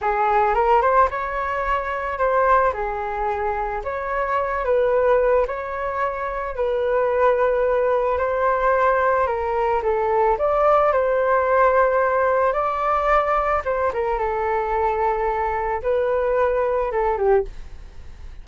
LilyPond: \new Staff \with { instrumentName = "flute" } { \time 4/4 \tempo 4 = 110 gis'4 ais'8 c''8 cis''2 | c''4 gis'2 cis''4~ | cis''8 b'4. cis''2 | b'2. c''4~ |
c''4 ais'4 a'4 d''4 | c''2. d''4~ | d''4 c''8 ais'8 a'2~ | a'4 b'2 a'8 g'8 | }